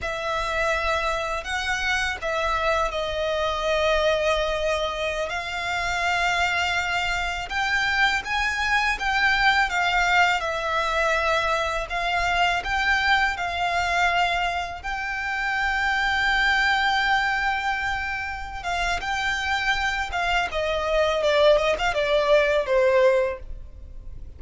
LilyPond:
\new Staff \with { instrumentName = "violin" } { \time 4/4 \tempo 4 = 82 e''2 fis''4 e''4 | dis''2.~ dis''16 f''8.~ | f''2~ f''16 g''4 gis''8.~ | gis''16 g''4 f''4 e''4.~ e''16~ |
e''16 f''4 g''4 f''4.~ f''16~ | f''16 g''2.~ g''8.~ | g''4. f''8 g''4. f''8 | dis''4 d''8 dis''16 f''16 d''4 c''4 | }